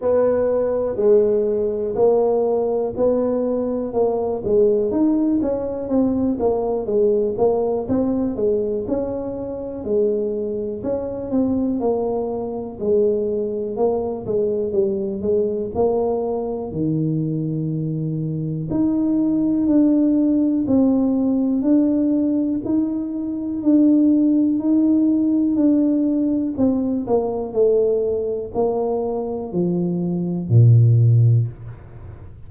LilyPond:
\new Staff \with { instrumentName = "tuba" } { \time 4/4 \tempo 4 = 61 b4 gis4 ais4 b4 | ais8 gis8 dis'8 cis'8 c'8 ais8 gis8 ais8 | c'8 gis8 cis'4 gis4 cis'8 c'8 | ais4 gis4 ais8 gis8 g8 gis8 |
ais4 dis2 dis'4 | d'4 c'4 d'4 dis'4 | d'4 dis'4 d'4 c'8 ais8 | a4 ais4 f4 ais,4 | }